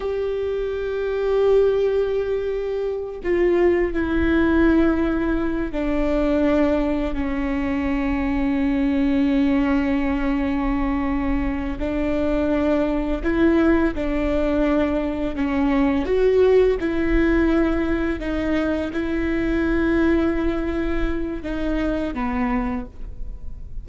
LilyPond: \new Staff \with { instrumentName = "viola" } { \time 4/4 \tempo 4 = 84 g'1~ | g'8 f'4 e'2~ e'8 | d'2 cis'2~ | cis'1~ |
cis'8 d'2 e'4 d'8~ | d'4. cis'4 fis'4 e'8~ | e'4. dis'4 e'4.~ | e'2 dis'4 b4 | }